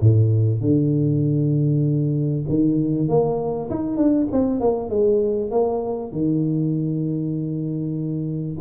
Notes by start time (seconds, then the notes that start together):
0.00 A2
0.61 D3
2.49 D#3
3.08 A#3
3.70 D#4
3.96 D4
4.32 C4
4.60 A#3
4.89 G#3
5.50 A#3
6.12 D#3